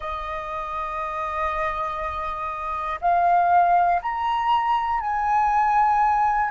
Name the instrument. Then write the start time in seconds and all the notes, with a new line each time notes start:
flute
0.00 D#5
3.01 F5
4.02 A#5
5.00 G#5